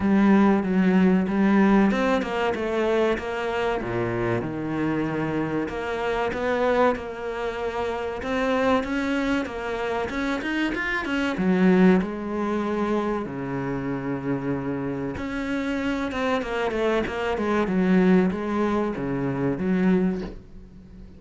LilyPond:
\new Staff \with { instrumentName = "cello" } { \time 4/4 \tempo 4 = 95 g4 fis4 g4 c'8 ais8 | a4 ais4 ais,4 dis4~ | dis4 ais4 b4 ais4~ | ais4 c'4 cis'4 ais4 |
cis'8 dis'8 f'8 cis'8 fis4 gis4~ | gis4 cis2. | cis'4. c'8 ais8 a8 ais8 gis8 | fis4 gis4 cis4 fis4 | }